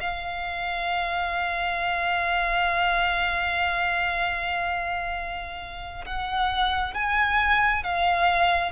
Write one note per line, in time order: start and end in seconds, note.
0.00 6.04 F5
6.05 6.94 F#5
6.94 7.83 G#5
7.83 8.71 F5